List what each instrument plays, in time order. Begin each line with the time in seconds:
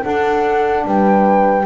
0.00 saxophone D4, double bass D4, horn A4, flute F#5
0.84 double bass G3, horn B4, flute G5